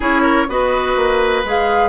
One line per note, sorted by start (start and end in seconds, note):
0.00 0.48 C#4
0.00 0.47 E4
0.00 0.21 G#4
0.00 0.49 C#5
0.21 0.45 A#4
0.48 0.96 B3
0.48 1.44 F#4
0.48 1.88 B4
0.48 1.45 D#5
0.96 1.44 A#3
1.44 1.88 G#3
1.44 1.88 G#4
1.44 1.88 F5